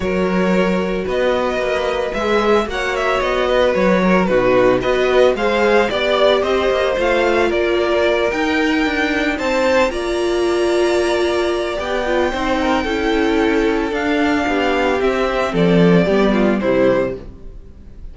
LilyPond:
<<
  \new Staff \with { instrumentName = "violin" } { \time 4/4 \tempo 4 = 112 cis''2 dis''2 | e''4 fis''8 e''8 dis''4 cis''4 | b'4 dis''4 f''4 d''4 | dis''4 f''4 d''4. g''8~ |
g''4. a''4 ais''4.~ | ais''2 g''2~ | g''2 f''2 | e''4 d''2 c''4 | }
  \new Staff \with { instrumentName = "violin" } { \time 4/4 ais'2 b'2~ | b'4 cis''4. b'4 ais'8 | fis'4 b'4 c''4 d''4 | c''2 ais'2~ |
ais'4. c''4 d''4.~ | d''2. c''8 ais'8 | a'2. g'4~ | g'4 a'4 g'8 f'8 e'4 | }
  \new Staff \with { instrumentName = "viola" } { \time 4/4 fis'1 | gis'4 fis'2. | dis'4 fis'4 gis'4 g'4~ | g'4 f'2~ f'8 dis'8~ |
dis'2~ dis'8 f'4.~ | f'2 g'8 f'8 dis'4 | e'2 d'2 | c'2 b4 g4 | }
  \new Staff \with { instrumentName = "cello" } { \time 4/4 fis2 b4 ais4 | gis4 ais4 b4 fis4 | b,4 b4 gis4 b4 | c'8 ais8 a4 ais4. dis'8~ |
dis'8 d'4 c'4 ais4.~ | ais2 b4 c'4 | cis'2 d'4 b4 | c'4 f4 g4 c4 | }
>>